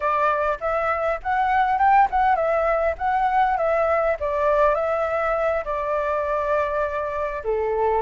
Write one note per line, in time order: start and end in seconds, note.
0.00 0.58 D5
0.60 1.20 E5
1.23 1.78 F#5
1.78 2.08 G5
2.10 2.35 F#5
2.35 2.95 E5
2.97 3.57 F#5
3.57 4.16 E5
4.19 4.74 D5
4.74 5.64 E5
5.64 7.43 D5
7.43 8.02 A4